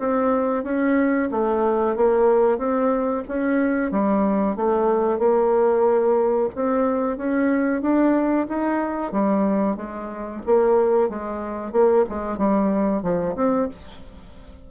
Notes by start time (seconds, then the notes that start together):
0.00 C4
0.64 C#4
1.32 A3
1.96 A#3
2.58 C4
3.29 C#4
3.92 G3
4.57 A3
5.19 A#3
6.56 C4
7.18 C#4
7.82 D4
8.49 D#4
9.13 G3
9.77 G#3
10.47 A#3
11.10 G#3
11.72 A#3
12.10 G#3
12.38 G3
13.03 F3
13.36 C4